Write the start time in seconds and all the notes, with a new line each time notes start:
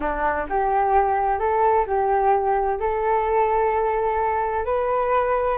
0.00 D4
0.49 G4
1.39 A4
1.86 G4
2.79 A4
4.65 B4